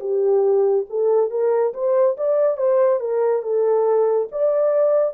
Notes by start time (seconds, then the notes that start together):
0.00 G4
0.90 A4
1.30 A#4
1.73 C5
2.17 D5
2.57 C5
3.00 A#4
3.42 A4
4.31 D5